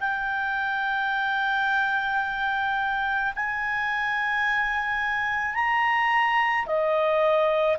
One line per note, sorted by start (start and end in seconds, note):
0.00 3.33 G5
3.35 5.54 G#5
5.54 6.65 A#5
6.66 7.77 D#5